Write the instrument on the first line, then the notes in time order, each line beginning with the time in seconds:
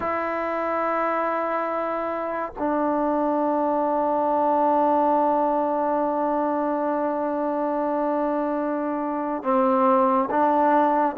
trombone
0.00 E4
2.59 D4
9.43 C4
10.30 D4